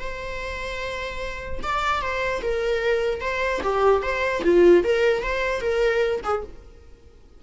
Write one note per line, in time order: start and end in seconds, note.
0.00 1.60 C5
1.63 2.01 D5
2.01 2.41 C5
2.42 3.21 A#4
3.21 3.61 C5
3.63 4.02 G4
4.02 4.42 C5
4.44 4.84 F4
4.84 5.23 A#4
5.23 5.61 C5
5.61 6.21 A#4
6.23 6.43 G#4